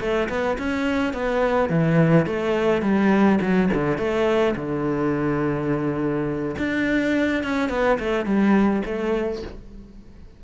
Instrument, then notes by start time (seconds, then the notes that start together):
cello
0.00 A3
0.29 B3
0.58 C#4
1.13 B3
1.69 E3
2.26 A3
2.82 G3
3.41 F#3
3.73 D3
3.97 A3
4.56 D3
6.58 D4
7.43 C#4
7.69 B3
7.99 A3
8.25 G3
8.85 A3